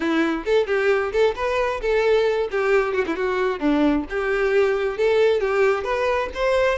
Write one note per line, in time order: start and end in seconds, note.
0.00 0.44 E4
0.45 0.66 A4
0.66 1.12 G4
1.12 1.35 A4
1.35 1.80 B4
1.81 2.48 A4
2.51 2.93 G4
2.93 3.05 F#4
3.06 3.15 E4
3.15 3.59 F#4
3.59 4.05 D4
4.09 4.97 G4
4.97 5.40 A4
5.40 5.84 G4
5.84 6.29 B4
6.34 6.78 C5